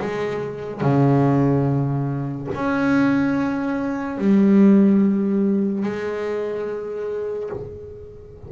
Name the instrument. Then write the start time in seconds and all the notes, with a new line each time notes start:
double bass
0.00 G#3
0.81 C#3
2.55 C#4
4.18 G3
5.83 G#3